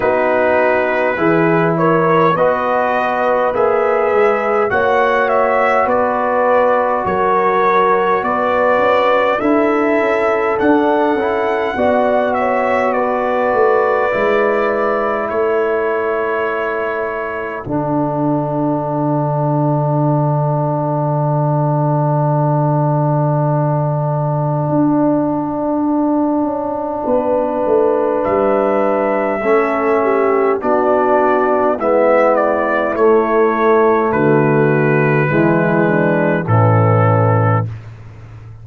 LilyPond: <<
  \new Staff \with { instrumentName = "trumpet" } { \time 4/4 \tempo 4 = 51 b'4. cis''8 dis''4 e''4 | fis''8 e''8 d''4 cis''4 d''4 | e''4 fis''4. e''8 d''4~ | d''4 cis''2 fis''4~ |
fis''1~ | fis''1 | e''2 d''4 e''8 d''8 | cis''4 b'2 a'4 | }
  \new Staff \with { instrumentName = "horn" } { \time 4/4 fis'4 gis'8 ais'8 b'2 | cis''4 b'4 ais'4 b'4 | a'2 d''8 cis''8 b'4~ | b'4 a'2.~ |
a'1~ | a'2. b'4~ | b'4 a'8 g'8 fis'4 e'4~ | e'4 fis'4 e'8 d'8 cis'4 | }
  \new Staff \with { instrumentName = "trombone" } { \time 4/4 dis'4 e'4 fis'4 gis'4 | fis'1 | e'4 d'8 e'8 fis'2 | e'2. d'4~ |
d'1~ | d'1~ | d'4 cis'4 d'4 b4 | a2 gis4 e4 | }
  \new Staff \with { instrumentName = "tuba" } { \time 4/4 b4 e4 b4 ais8 gis8 | ais4 b4 fis4 b8 cis'8 | d'8 cis'8 d'8 cis'8 b4. a8 | gis4 a2 d4~ |
d1~ | d4 d'4. cis'8 b8 a8 | g4 a4 b4 gis4 | a4 d4 e4 a,4 | }
>>